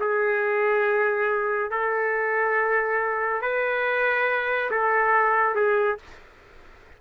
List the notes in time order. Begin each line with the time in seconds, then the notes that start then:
0.00 G#4
1.71 A4
3.42 B4
4.71 A4
5.55 G#4